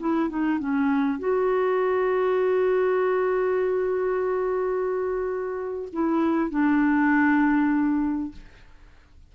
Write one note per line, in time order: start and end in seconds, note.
0.00 0.29 E4
0.29 0.59 D#4
0.59 1.19 C#4
1.19 5.89 F#4
5.93 6.50 E4
6.50 8.32 D4